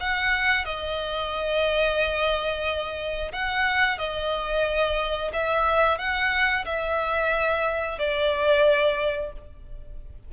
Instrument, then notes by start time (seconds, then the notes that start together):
violin
0.00 F#5
0.65 D#5
3.32 F#5
3.98 D#5
5.33 E5
5.98 F#5
6.65 E5
7.99 D5